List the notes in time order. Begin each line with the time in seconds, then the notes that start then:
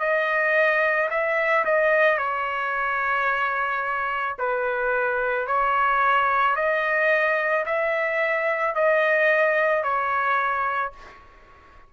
0.00 D#5
1.10 E5
1.65 D#5
2.18 C#5
4.38 B4
5.47 C#5
6.56 D#5
7.66 E5
8.75 D#5
9.83 C#5